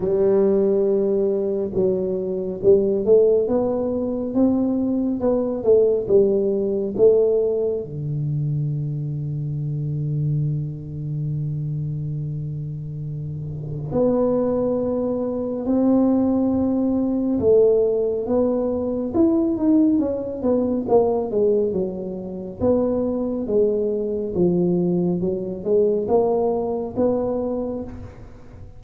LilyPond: \new Staff \with { instrumentName = "tuba" } { \time 4/4 \tempo 4 = 69 g2 fis4 g8 a8 | b4 c'4 b8 a8 g4 | a4 d2.~ | d1 |
b2 c'2 | a4 b4 e'8 dis'8 cis'8 b8 | ais8 gis8 fis4 b4 gis4 | f4 fis8 gis8 ais4 b4 | }